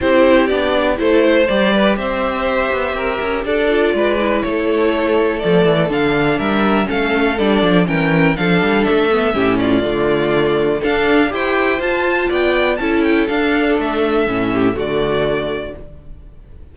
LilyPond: <<
  \new Staff \with { instrumentName = "violin" } { \time 4/4 \tempo 4 = 122 c''4 d''4 c''4 d''4 | e''2. d''4~ | d''4 cis''2 d''4 | f''4 e''4 f''4 d''4 |
g''4 f''4 e''4. d''8~ | d''2 f''4 g''4 | a''4 g''4 a''8 g''8 f''4 | e''2 d''2 | }
  \new Staff \with { instrumentName = "violin" } { \time 4/4 g'2 a'8 c''4 b'8 | c''2 ais'4 a'4 | b'4 a'2.~ | a'4 ais'4 a'2 |
ais'4 a'2 g'8 f'8~ | f'2 a'4 c''4~ | c''4 d''4 a'2~ | a'4. g'8 fis'2 | }
  \new Staff \with { instrumentName = "viola" } { \time 4/4 e'4 d'4 e'4 g'4~ | g'2.~ g'8 f'8~ | f'8 e'2~ e'8 a4 | d'2 cis'4 d'4 |
cis'4 d'4. b8 cis'4 | a2 d'4 g'4 | f'2 e'4 d'4~ | d'4 cis'4 a2 | }
  \new Staff \with { instrumentName = "cello" } { \time 4/4 c'4 b4 a4 g4 | c'4. b8 c'8 cis'8 d'4 | gis4 a2 f8 e8 | d4 g4 a4 g8 f8 |
e4 f8 g8 a4 a,4 | d2 d'4 e'4 | f'4 b4 cis'4 d'4 | a4 a,4 d2 | }
>>